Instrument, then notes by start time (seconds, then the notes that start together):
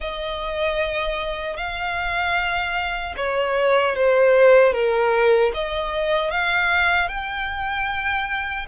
violin
0.00 D#5
1.56 F5
3.17 C#5
3.95 C5
4.73 A#4
5.53 D#5
6.30 F5
7.08 G5